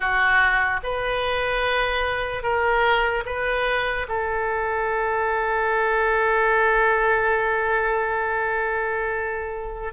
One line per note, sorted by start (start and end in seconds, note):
0.00 0.80 F#4
0.83 2.42 B4
2.42 3.23 A#4
3.25 4.06 B4
4.08 9.93 A4